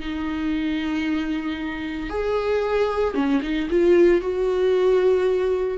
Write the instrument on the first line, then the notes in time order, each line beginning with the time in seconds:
viola
0.00 D#4
2.10 G#4
3.15 C#4
3.42 D#4
3.70 F4
4.22 F#4